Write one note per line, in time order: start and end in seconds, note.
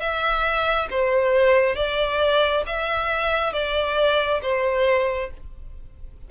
0.00 0.88 E5
0.90 1.75 C5
1.75 2.64 D5
2.66 3.53 E5
3.53 4.41 D5
4.42 5.30 C5